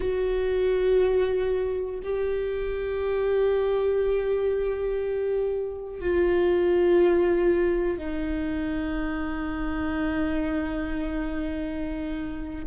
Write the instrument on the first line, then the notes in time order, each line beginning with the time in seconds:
viola
0.00 F#4
2.03 G4
6.00 F4
7.98 D#4